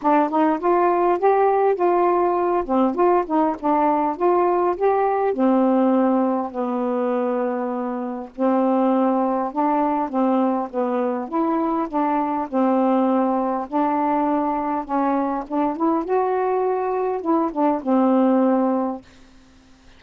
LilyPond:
\new Staff \with { instrumentName = "saxophone" } { \time 4/4 \tempo 4 = 101 d'8 dis'8 f'4 g'4 f'4~ | f'8 c'8 f'8 dis'8 d'4 f'4 | g'4 c'2 b4~ | b2 c'2 |
d'4 c'4 b4 e'4 | d'4 c'2 d'4~ | d'4 cis'4 d'8 e'8 fis'4~ | fis'4 e'8 d'8 c'2 | }